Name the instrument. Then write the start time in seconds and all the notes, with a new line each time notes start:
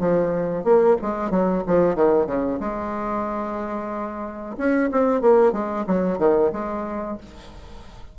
bassoon
0.00 F3
0.64 A#3
1.02 G#3
1.31 F#3
1.67 F3
1.96 D#3
2.27 C#3
2.61 G#3
4.58 C#4
4.92 C4
5.22 A#3
5.53 G#3
5.87 F#3
6.19 D#3
6.53 G#3